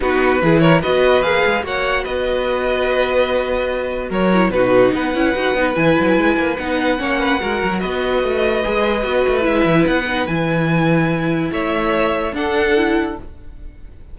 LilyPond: <<
  \new Staff \with { instrumentName = "violin" } { \time 4/4 \tempo 4 = 146 b'4. cis''8 dis''4 f''4 | fis''4 dis''2.~ | dis''2 cis''4 b'4 | fis''2 gis''2 |
fis''2. dis''4~ | dis''2. e''4 | fis''4 gis''2. | e''2 fis''2 | }
  \new Staff \with { instrumentName = "violin" } { \time 4/4 fis'4 gis'8 ais'8 b'2 | cis''4 b'2.~ | b'2 ais'4 fis'4 | b'1~ |
b'4 cis''8 b'8 ais'4 b'4~ | b'1~ | b'1 | cis''2 a'2 | }
  \new Staff \with { instrumentName = "viola" } { \time 4/4 dis'4 e'4 fis'4 gis'4 | fis'1~ | fis'2~ fis'8 e'8 dis'4~ | dis'8 e'8 fis'8 dis'8 e'2 |
dis'4 cis'4 fis'2~ | fis'4 gis'4 fis'4 e'4~ | e'8 dis'8 e'2.~ | e'2 d'4 e'4 | }
  \new Staff \with { instrumentName = "cello" } { \time 4/4 b4 e4 b4 ais8 gis8 | ais4 b2.~ | b2 fis4 b,4 | b8 cis'8 dis'8 b8 e8 fis8 gis8 ais8 |
b4 ais4 gis8 fis8 b4 | a4 gis4 b8 a8 gis8 e8 | b4 e2. | a2 d'2 | }
>>